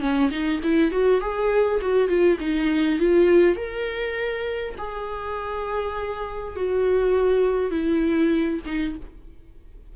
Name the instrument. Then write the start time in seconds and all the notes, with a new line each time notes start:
viola
0.00 C#4
0.31 D#4
0.63 E4
0.91 F#4
1.20 G#4
1.81 F#4
2.08 F4
2.40 D#4
2.99 F4
3.56 A#4
4.78 G#4
6.56 F#4
7.70 E4
8.65 D#4